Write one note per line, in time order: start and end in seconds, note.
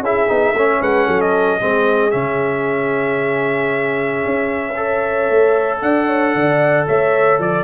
0.00 0.26 C#4
0.00 0.28 E4
0.00 0.55 G#4
0.00 0.82 E5
0.28 0.52 B3
0.28 0.54 D#4
0.52 0.78 A3
0.52 1.60 C#4
0.52 0.81 C#5
0.81 1.07 G#3
0.81 1.07 B4
0.81 1.21 F#5
1.07 1.61 F#3
1.07 1.59 A4
1.21 2.11 D#5
1.60 2.14 G#3
1.60 2.11 C4
1.60 4.76 G#4
2.11 4.24 C#3
2.11 4.74 C#4
2.11 5.79 E5
4.26 5.30 C#4
4.76 7.64 A4
4.76 5.82 C#5
5.30 5.82 A3
5.82 6.35 D4
5.82 6.07 D5
5.82 6.87 F#5
6.07 6.34 C#5
6.35 6.87 D3
6.35 6.87 D5
6.87 7.39 A3
6.87 7.40 C#5
6.87 7.40 E5
7.39 7.64 F3
7.39 7.64 D5